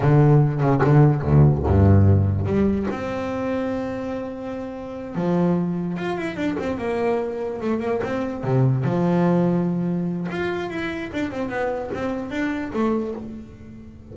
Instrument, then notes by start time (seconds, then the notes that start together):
double bass
0.00 D3
0.60 C#3
0.84 D3
1.21 D2
1.66 G2
2.45 G3
2.90 C4
5.15 F3
5.96 F4
6.17 E4
6.36 D4
6.58 C4
6.78 A#3
7.60 A3
7.80 A#3
8.03 C4
8.43 C3
8.84 F3
10.30 F4
10.70 E4
11.12 D4
11.31 C4
11.49 B3
11.93 C4
12.30 D4
12.73 A3